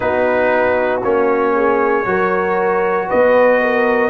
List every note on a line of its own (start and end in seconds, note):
0.00 1.03 B3
0.00 1.01 D#4
0.00 1.54 F#4
0.00 1.00 B4
1.03 2.05 A#3
1.03 2.05 C#4
1.03 3.09 C#5
1.54 2.06 G#4
2.05 3.09 F#3
2.05 4.09 F#4
2.05 3.07 A#4
3.07 4.09 B3
3.07 3.59 B4
3.07 4.09 D#5
3.61 4.09 A#4